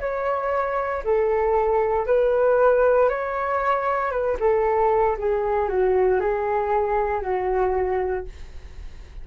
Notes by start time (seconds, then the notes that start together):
0.00 C#5
1.04 A4
2.07 B4
3.10 C#5
4.11 B4
4.40 A4
5.18 G#4
5.69 F#4
6.20 G#4
7.22 F#4